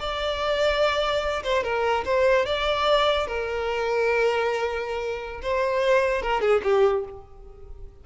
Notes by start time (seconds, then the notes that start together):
0.00 D5
1.43 C5
1.64 A#4
2.05 C5
2.46 D5
3.27 A#4
5.42 C5
6.22 A#4
6.41 G#4
6.63 G4